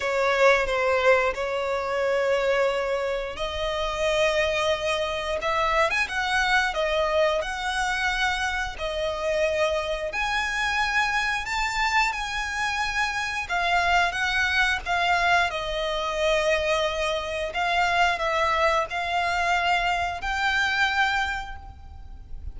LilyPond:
\new Staff \with { instrumentName = "violin" } { \time 4/4 \tempo 4 = 89 cis''4 c''4 cis''2~ | cis''4 dis''2. | e''8. gis''16 fis''4 dis''4 fis''4~ | fis''4 dis''2 gis''4~ |
gis''4 a''4 gis''2 | f''4 fis''4 f''4 dis''4~ | dis''2 f''4 e''4 | f''2 g''2 | }